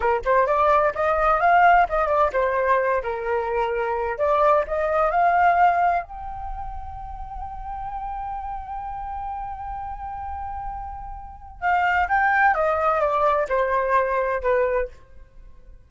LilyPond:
\new Staff \with { instrumentName = "flute" } { \time 4/4 \tempo 4 = 129 ais'8 c''8 d''4 dis''4 f''4 | dis''8 d''8 c''4. ais'4.~ | ais'4 d''4 dis''4 f''4~ | f''4 g''2.~ |
g''1~ | g''1~ | g''4 f''4 g''4 dis''4 | d''4 c''2 b'4 | }